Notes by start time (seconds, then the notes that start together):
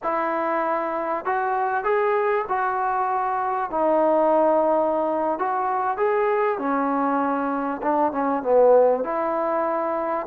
0.02 E4
1.25 F#4
1.84 G#4
2.48 F#4
3.70 D#4
5.38 F#4
5.97 G#4
6.58 C#4
7.82 D4
8.12 C#4
8.43 B3
9.03 E4